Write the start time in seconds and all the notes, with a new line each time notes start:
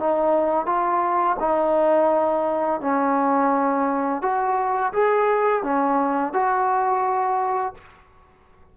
0.00 D#4
0.66 F4
1.40 D#4
2.81 C#4
4.22 F#4
4.93 G#4
5.63 C#4
6.33 F#4